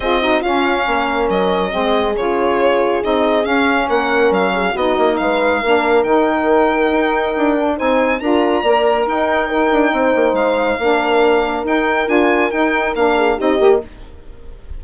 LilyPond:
<<
  \new Staff \with { instrumentName = "violin" } { \time 4/4 \tempo 4 = 139 dis''4 f''2 dis''4~ | dis''4 cis''2 dis''4 | f''4 fis''4 f''4 dis''4 | f''2 g''2~ |
g''2 gis''4 ais''4~ | ais''4 g''2. | f''2. g''4 | gis''4 g''4 f''4 dis''4 | }
  \new Staff \with { instrumentName = "horn" } { \time 4/4 gis'8 fis'8 f'4 ais'2 | gis'1~ | gis'4 ais'4. gis'8 fis'4 | b'4 ais'2.~ |
ais'2 c''4 ais'4 | d''4 dis''4 ais'4 c''4~ | c''4 ais'2.~ | ais'2~ ais'8 gis'8 g'4 | }
  \new Staff \with { instrumentName = "saxophone" } { \time 4/4 f'8 dis'8 cis'2. | c'4 f'2 dis'4 | cis'2. dis'4~ | dis'4 d'4 dis'2~ |
dis'4. d'8 dis'4 f'4 | ais'2 dis'2~ | dis'4 d'2 dis'4 | f'4 dis'4 d'4 dis'8 g'8 | }
  \new Staff \with { instrumentName = "bassoon" } { \time 4/4 c'4 cis'4 ais4 fis4 | gis4 cis2 c'4 | cis'4 ais4 fis4 b8 ais8 | gis4 ais4 dis2 |
dis'4 d'4 c'4 d'4 | ais4 dis'4. d'8 c'8 ais8 | gis4 ais2 dis'4 | d'4 dis'4 ais4 c'8 ais8 | }
>>